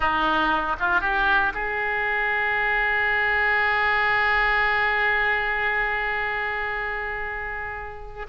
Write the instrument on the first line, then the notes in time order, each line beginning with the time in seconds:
oboe
0.00 D#4
0.79 F4
1.01 G4
1.54 G#4